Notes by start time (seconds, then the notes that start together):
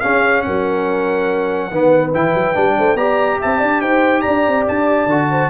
0.00 C#4 G#4 F5
0.42 F#3 A#4 F#5
1.70 D#3 B3 B4
2.13 E3 E4 G5
2.34 F#3
2.55 G3 D4
2.78 A3 C5
2.95 B3 G4 D5 A#5
3.40 C4 E5 A5
3.58 D4 D5
3.81 D#4 C5 G5
4.21 D4 D5 A#5
4.47 C4
4.68 D4 A5
5.06 D3 F#4
5.30 C5